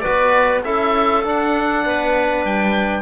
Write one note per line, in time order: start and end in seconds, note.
0.00 0.63 F#4
0.00 0.63 B4
0.00 0.60 D5
0.07 0.65 B3
0.63 1.25 C#4
0.63 1.23 E4
0.63 1.85 A4
0.63 1.24 E5
1.24 3.02 D4
1.24 1.85 D4
1.24 2.45 F#5
1.85 2.44 B3
1.85 3.02 B4
2.44 3.02 G3
2.44 3.02 G5